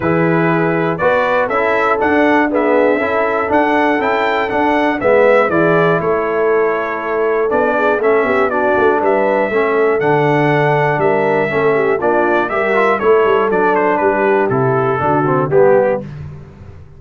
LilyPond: <<
  \new Staff \with { instrumentName = "trumpet" } { \time 4/4 \tempo 4 = 120 b'2 d''4 e''4 | fis''4 e''2 fis''4 | g''4 fis''4 e''4 d''4 | cis''2. d''4 |
e''4 d''4 e''2 | fis''2 e''2 | d''4 e''4 cis''4 d''8 c''8 | b'4 a'2 g'4 | }
  \new Staff \with { instrumentName = "horn" } { \time 4/4 gis'2 b'4 a'4~ | a'4 gis'4 a'2~ | a'2 b'4 gis'4 | a'2.~ a'8 gis'8 |
a'8 g'8 fis'4 b'4 a'4~ | a'2 ais'4 a'8 g'8 | f'4 ais'4 a'2 | g'2 fis'4 g'4 | }
  \new Staff \with { instrumentName = "trombone" } { \time 4/4 e'2 fis'4 e'4 | d'4 b4 e'4 d'4 | e'4 d'4 b4 e'4~ | e'2. d'4 |
cis'4 d'2 cis'4 | d'2. cis'4 | d'4 g'8 f'8 e'4 d'4~ | d'4 e'4 d'8 c'8 b4 | }
  \new Staff \with { instrumentName = "tuba" } { \time 4/4 e2 b4 cis'4 | d'2 cis'4 d'4 | cis'4 d'4 gis4 e4 | a2. b4 |
a8 b4 a8 g4 a4 | d2 g4 a4 | ais4 g4 a8 g8 fis4 | g4 c4 d4 g4 | }
>>